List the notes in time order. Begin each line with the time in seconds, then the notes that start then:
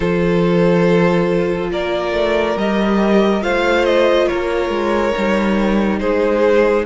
0.00 F3 F4 A4 C5
1.70 A#3 A#4 D5
2.12 A3
2.56 G3 G4 D#5
3.42 A3 F4 C5 F5
3.84 D#5
4.27 A#3 A#4 C#5
4.69 G#3
5.16 G3 D#4
5.99 G#3 G#4 C5